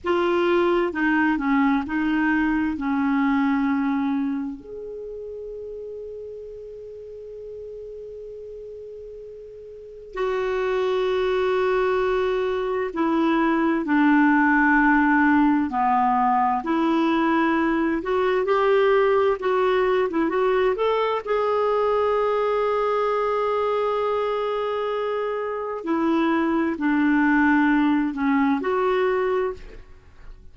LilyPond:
\new Staff \with { instrumentName = "clarinet" } { \time 4/4 \tempo 4 = 65 f'4 dis'8 cis'8 dis'4 cis'4~ | cis'4 gis'2.~ | gis'2. fis'4~ | fis'2 e'4 d'4~ |
d'4 b4 e'4. fis'8 | g'4 fis'8. e'16 fis'8 a'8 gis'4~ | gis'1 | e'4 d'4. cis'8 fis'4 | }